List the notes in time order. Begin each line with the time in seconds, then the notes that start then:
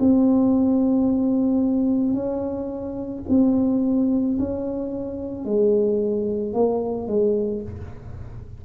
0.00 C4
2.14 C#4
3.29 C4
4.39 C#4
5.45 G#3
6.54 A#3
7.08 G#3